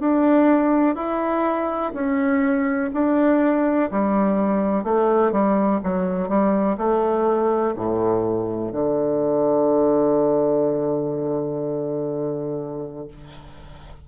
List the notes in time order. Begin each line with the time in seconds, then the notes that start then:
0.00 D4
0.96 E4
1.94 C#4
2.93 D4
3.91 G3
4.84 A3
5.32 G3
5.84 F#3
6.29 G3
6.77 A3
7.76 A2
8.73 D3